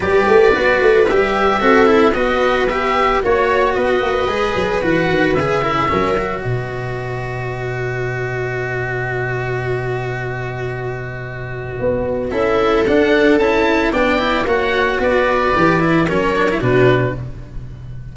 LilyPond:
<<
  \new Staff \with { instrumentName = "oboe" } { \time 4/4 \tempo 4 = 112 d''2 e''2 | dis''4 e''4 cis''4 dis''4~ | dis''4 fis''4 e''2 | dis''1~ |
dis''1~ | dis''2. e''4 | fis''4 a''4 g''4 fis''4 | d''2 cis''4 b'4 | }
  \new Staff \with { instrumentName = "viola" } { \time 4/4 b'2. a'4 | b'2 cis''4 b'4~ | b'2~ b'8 ais'16 gis'16 ais'4 | b'1~ |
b'1~ | b'2. a'4~ | a'2 d''4 cis''4 | b'2 ais'4 fis'4 | }
  \new Staff \with { instrumentName = "cello" } { \time 4/4 g'4 fis'4 g'4 fis'8 e'8 | fis'4 g'4 fis'2 | gis'4 fis'4 gis'8 e'8 cis'8 fis'8~ | fis'1~ |
fis'1~ | fis'2. e'4 | d'4 e'4 d'8 e'8 fis'4~ | fis'4 g'8 e'8 cis'8 d'16 e'16 d'4 | }
  \new Staff \with { instrumentName = "tuba" } { \time 4/4 g8 a8 b8 a8 g4 c'4 | b2 ais4 b8 ais8 | gis8 fis8 e8 dis8 cis4 fis4 | b,1~ |
b,1~ | b,2 b4 cis'4 | d'4 cis'4 b4 ais4 | b4 e4 fis4 b,4 | }
>>